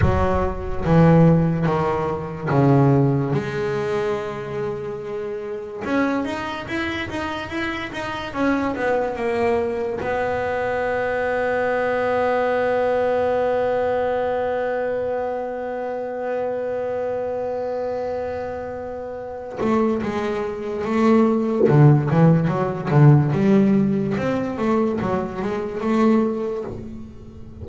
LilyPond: \new Staff \with { instrumentName = "double bass" } { \time 4/4 \tempo 4 = 72 fis4 e4 dis4 cis4 | gis2. cis'8 dis'8 | e'8 dis'8 e'8 dis'8 cis'8 b8 ais4 | b1~ |
b1~ | b2.~ b8 a8 | gis4 a4 d8 e8 fis8 d8 | g4 c'8 a8 fis8 gis8 a4 | }